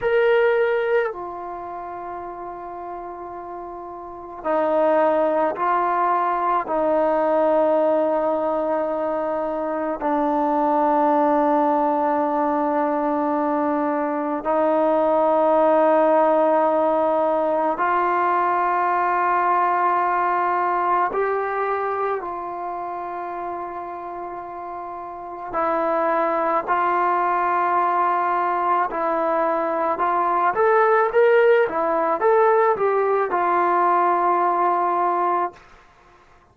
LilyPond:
\new Staff \with { instrumentName = "trombone" } { \time 4/4 \tempo 4 = 54 ais'4 f'2. | dis'4 f'4 dis'2~ | dis'4 d'2.~ | d'4 dis'2. |
f'2. g'4 | f'2. e'4 | f'2 e'4 f'8 a'8 | ais'8 e'8 a'8 g'8 f'2 | }